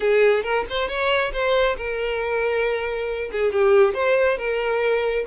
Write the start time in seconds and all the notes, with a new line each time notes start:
0.00 G#4
0.43 A#4
0.69 C5
0.88 C#5
1.32 C5
1.77 A#4
3.32 G#4
3.52 G4
3.94 C5
4.37 A#4